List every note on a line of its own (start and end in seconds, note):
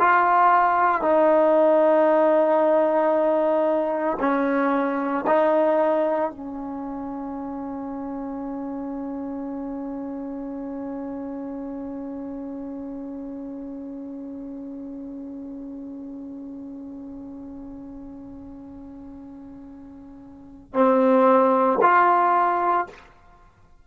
0.00 1.02 F4
1.02 4.18 D#4
4.20 5.25 C#4
5.27 6.31 D#4
6.31 20.74 C#4
20.74 21.79 C4
21.82 22.87 F4